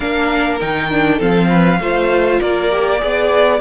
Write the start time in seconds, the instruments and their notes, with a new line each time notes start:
0.00 cello A#3, viola D4, violin A#4 F5
0.59 cello D#3, viola D#4, violin G5
0.90 viola D4
1.16 cello F3, viola C4, violin A4 F5
1.49 violin B4
1.79 cello A3, viola F4, violin C5
2.40 cello A#3, violin A#4 D5
2.71 viola G4
2.99 cello B3, viola G#4, violin D5